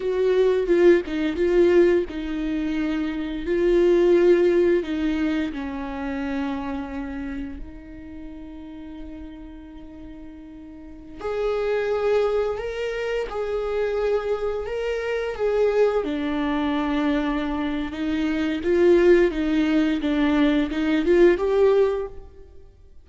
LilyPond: \new Staff \with { instrumentName = "viola" } { \time 4/4 \tempo 4 = 87 fis'4 f'8 dis'8 f'4 dis'4~ | dis'4 f'2 dis'4 | cis'2. dis'4~ | dis'1~ |
dis'16 gis'2 ais'4 gis'8.~ | gis'4~ gis'16 ais'4 gis'4 d'8.~ | d'2 dis'4 f'4 | dis'4 d'4 dis'8 f'8 g'4 | }